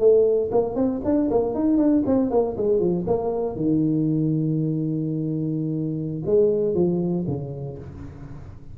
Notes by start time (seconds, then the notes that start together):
0.00 A3
0.52 A#3
0.76 C4
1.05 D4
1.31 A#3
1.55 D#4
1.78 D4
2.07 C4
2.31 A#3
2.57 G#3
2.80 F3
3.07 A#3
3.56 D#3
6.26 G#3
6.75 F3
7.28 C#3